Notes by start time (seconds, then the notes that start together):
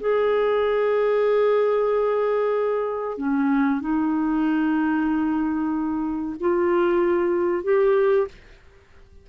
0.00 G#4
3.18 C#4
3.81 D#4
6.40 F4
7.64 G4